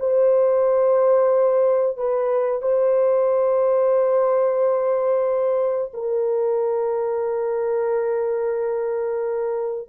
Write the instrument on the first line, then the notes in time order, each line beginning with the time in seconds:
horn
0.00 C5
1.98 B4
2.62 C5
5.94 A#4